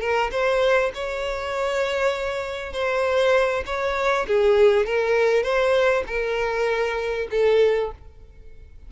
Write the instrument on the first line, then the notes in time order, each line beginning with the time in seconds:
violin
0.00 A#4
0.31 C5
0.94 C#5
2.72 C5
3.66 C#5
4.27 G#4
4.86 A#4
5.43 C5
6.07 A#4
7.31 A4